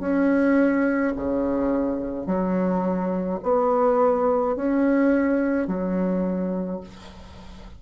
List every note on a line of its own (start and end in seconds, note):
0.00 1.13 C#4
1.16 2.27 C#3
2.27 3.40 F#3
3.43 4.56 B3
4.56 5.68 C#4
5.68 6.81 F#3